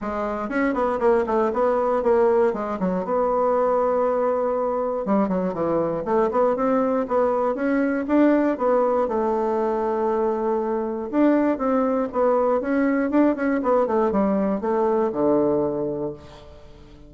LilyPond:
\new Staff \with { instrumentName = "bassoon" } { \time 4/4 \tempo 4 = 119 gis4 cis'8 b8 ais8 a8 b4 | ais4 gis8 fis8 b2~ | b2 g8 fis8 e4 | a8 b8 c'4 b4 cis'4 |
d'4 b4 a2~ | a2 d'4 c'4 | b4 cis'4 d'8 cis'8 b8 a8 | g4 a4 d2 | }